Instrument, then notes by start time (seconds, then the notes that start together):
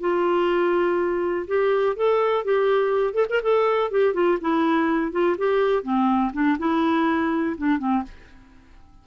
clarinet
0.00 F4
1.47 G4
1.96 A4
2.45 G4
3.14 A4
3.29 A#4
3.42 A4
3.91 G4
4.14 F4
4.41 E4
5.12 F4
5.38 G4
5.83 C4
6.33 D4
6.59 E4
7.57 D4
7.78 C4